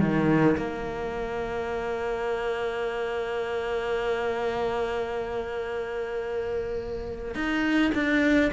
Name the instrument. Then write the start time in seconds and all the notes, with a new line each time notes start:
cello
0.00 D#3
0.57 A#3
7.35 D#4
7.94 D4